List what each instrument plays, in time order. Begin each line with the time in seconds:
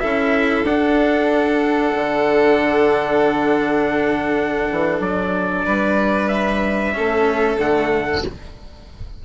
0.00 bassoon C#4, cello E4, violin A4, trumpet E5
0.64 bassoon D4, cello D4, trumpet F#5
1.95 bassoon D3
4.72 bassoon E3
5.00 bassoon F#3, trumpet D5
5.65 bassoon G3, violin B4
6.28 trumpet E5
6.93 bassoon A3, cello C#4, violin A4
7.57 bassoon D3, cello A3, trumpet F#5